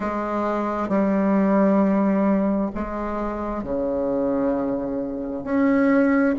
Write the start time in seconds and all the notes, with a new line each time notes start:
0.00 G#3
0.88 G3
2.74 G#3
3.63 C#3
5.44 C#4